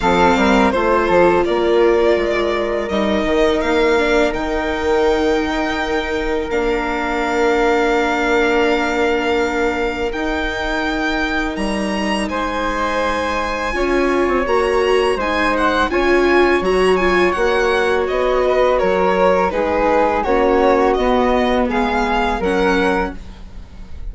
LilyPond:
<<
  \new Staff \with { instrumentName = "violin" } { \time 4/4 \tempo 4 = 83 f''4 c''4 d''2 | dis''4 f''4 g''2~ | g''4 f''2.~ | f''2 g''2 |
ais''4 gis''2. | ais''4 gis''8 fis''8 gis''4 ais''8 gis''8 | fis''4 dis''4 cis''4 b'4 | cis''4 dis''4 f''4 fis''4 | }
  \new Staff \with { instrumentName = "flute" } { \time 4/4 a'8 ais'8 c''8 a'8 ais'2~ | ais'1~ | ais'1~ | ais'1~ |
ais'4 c''2 cis''4~ | cis''4 c''4 cis''2~ | cis''4. b'8 ais'4 gis'4 | fis'2 gis'4 ais'4 | }
  \new Staff \with { instrumentName = "viola" } { \time 4/4 c'4 f'2. | dis'4. d'8 dis'2~ | dis'4 d'2.~ | d'2 dis'2~ |
dis'2. f'4 | fis'4 dis'4 f'4 fis'8 f'8 | fis'2. dis'4 | cis'4 b2 cis'4 | }
  \new Staff \with { instrumentName = "bassoon" } { \time 4/4 f8 g8 a8 f8 ais4 gis4 | g8 dis8 ais4 dis2~ | dis4 ais2.~ | ais2 dis'2 |
g4 gis2 cis'8. c'16 | ais4 gis4 cis'4 fis4 | ais4 b4 fis4 gis4 | ais4 b4 gis4 fis4 | }
>>